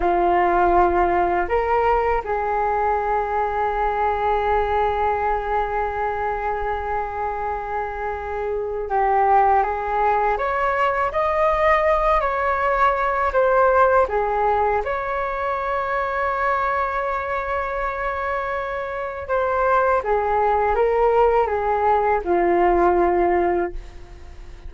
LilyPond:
\new Staff \with { instrumentName = "flute" } { \time 4/4 \tempo 4 = 81 f'2 ais'4 gis'4~ | gis'1~ | gis'1 | g'4 gis'4 cis''4 dis''4~ |
dis''8 cis''4. c''4 gis'4 | cis''1~ | cis''2 c''4 gis'4 | ais'4 gis'4 f'2 | }